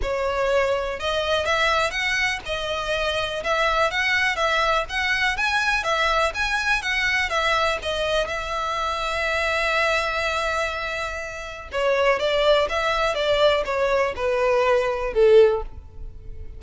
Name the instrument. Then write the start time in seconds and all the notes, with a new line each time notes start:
violin
0.02 C#5
0.99 D#5
1.45 E5
1.90 F#5
2.45 D#5
3.43 E5
3.90 F#5
4.36 E5
4.89 F#5
5.37 G#5
5.83 E5
6.34 G#5
6.82 F#5
7.29 E5
7.82 D#5
8.27 E5
11.71 C#5
12.19 D5
12.69 E5
13.14 D5
13.65 C#5
14.16 B4
15.13 A4